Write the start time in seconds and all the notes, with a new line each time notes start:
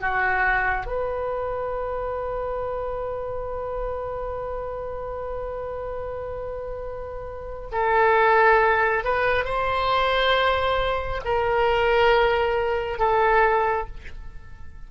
0.00 F#4
0.86 B4
7.71 A4
9.04 B4
9.44 C5
11.24 A#4
12.98 A4